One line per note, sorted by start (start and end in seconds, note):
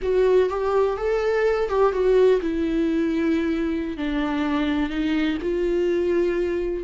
0.02 0.49 F#4
0.49 0.97 G4
0.97 1.69 A4
1.69 1.92 G4
1.92 2.40 F#4
2.41 3.97 E4
3.97 4.89 D4
4.89 5.37 D#4
5.42 6.84 F4